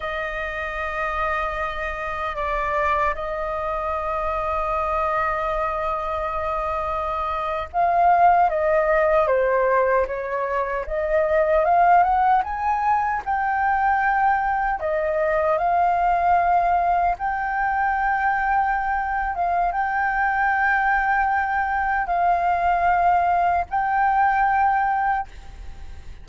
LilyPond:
\new Staff \with { instrumentName = "flute" } { \time 4/4 \tempo 4 = 76 dis''2. d''4 | dis''1~ | dis''4.~ dis''16 f''4 dis''4 c''16~ | c''8. cis''4 dis''4 f''8 fis''8 gis''16~ |
gis''8. g''2 dis''4 f''16~ | f''4.~ f''16 g''2~ g''16~ | g''8 f''8 g''2. | f''2 g''2 | }